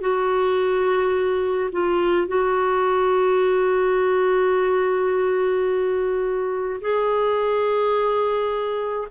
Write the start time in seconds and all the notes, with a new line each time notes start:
0.00 F#4
1.71 F4
2.27 F#4
6.81 G#4